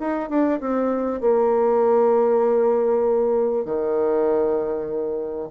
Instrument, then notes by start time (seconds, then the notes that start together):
bassoon
0.00 D#4
0.29 D4
0.60 C4
1.21 A#3
3.65 D#3